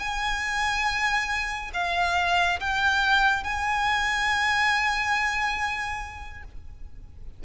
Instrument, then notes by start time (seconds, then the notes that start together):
violin
0.00 G#5
1.74 F5
2.60 G5
3.44 G#5